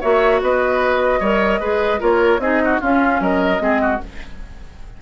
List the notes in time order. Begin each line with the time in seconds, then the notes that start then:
0.00 A#3 F#4 C#5 E5
0.41 B3 B4 D#5
1.19 G3 A#4 C#5
1.59 G#3 G#4 B4
1.99 A#3 F4 A#4 C#5
2.38 C4 D#4 G#4 D#5
2.64 F#4
2.80 C#4 F4 F5
3.20 F#3 A#4 D#5
3.58 G#3 C4 G#4
3.81 F#4